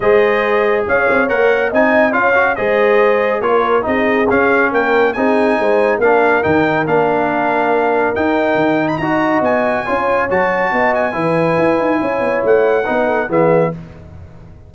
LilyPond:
<<
  \new Staff \with { instrumentName = "trumpet" } { \time 4/4 \tempo 4 = 140 dis''2 f''4 fis''4 | gis''4 f''4 dis''2 | cis''4 dis''4 f''4 g''4 | gis''2 f''4 g''4 |
f''2. g''4~ | g''8. b''16 ais''4 gis''2 | a''4. gis''2~ gis''8~ | gis''4 fis''2 e''4 | }
  \new Staff \with { instrumentName = "horn" } { \time 4/4 c''2 cis''2 | dis''4 cis''4 c''2 | ais'4 gis'2 ais'4 | gis'4 c''4 ais'2~ |
ais'1~ | ais'4 dis''2 cis''4~ | cis''4 dis''4 b'2 | cis''2 b'8 a'8 gis'4 | }
  \new Staff \with { instrumentName = "trombone" } { \time 4/4 gis'2. ais'4 | dis'4 f'8 fis'8 gis'2 | f'4 dis'4 cis'2 | dis'2 d'4 dis'4 |
d'2. dis'4~ | dis'4 fis'2 f'4 | fis'2 e'2~ | e'2 dis'4 b4 | }
  \new Staff \with { instrumentName = "tuba" } { \time 4/4 gis2 cis'8 c'8 ais4 | c'4 cis'4 gis2 | ais4 c'4 cis'4 ais4 | c'4 gis4 ais4 dis4 |
ais2. dis'4 | dis4 dis'4 b4 cis'4 | fis4 b4 e4 e'8 dis'8 | cis'8 b8 a4 b4 e4 | }
>>